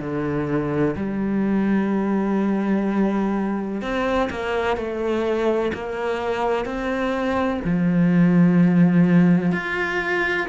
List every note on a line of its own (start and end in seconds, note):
0.00 0.95 D3
0.97 3.82 G3
3.82 4.29 C4
4.30 4.77 A#3
4.77 5.72 A3
5.74 6.65 A#3
6.65 7.61 C4
7.65 9.52 F3
9.52 10.47 F4